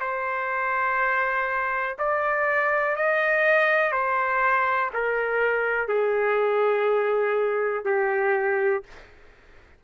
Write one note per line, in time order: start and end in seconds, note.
0.00 1.97 C5
1.98 2.96 D5
2.96 3.92 D#5
3.92 4.90 C5
4.93 5.88 A#4
5.88 7.85 G#4
7.85 8.83 G4